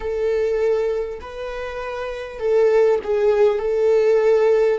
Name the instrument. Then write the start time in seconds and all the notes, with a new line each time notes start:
viola
0.00 A4
1.21 B4
2.39 A4
3.03 G#4
3.58 A4